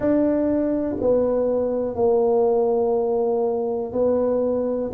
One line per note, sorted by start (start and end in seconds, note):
0.00 0.96 D4
1.00 1.95 B3
1.95 3.92 A#3
3.92 4.90 B3